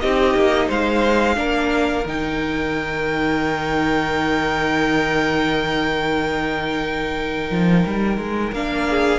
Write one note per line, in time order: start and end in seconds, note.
0.00 0.34 C4
0.00 1.35 D#4
0.00 0.67 G4
0.00 0.68 D#5
0.34 0.68 A#3
0.67 1.37 G#3
0.67 1.36 C5
0.67 2.07 F5
1.35 2.05 A#3
1.35 2.04 D4
1.35 8.88 A#4
2.05 7.50 D#3
2.05 8.54 D#4
2.05 8.54 G5
7.50 7.85 F3
7.86 8.18 G3
8.18 8.52 G#3
8.52 9.18 A#3
8.52 9.18 D4
8.52 9.18 F5
8.89 9.18 G#4